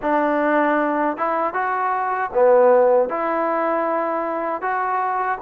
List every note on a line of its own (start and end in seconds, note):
0.02 1.17 D4
1.17 1.53 E4
1.53 2.30 F#4
2.33 3.09 B3
3.09 4.61 E4
4.61 5.38 F#4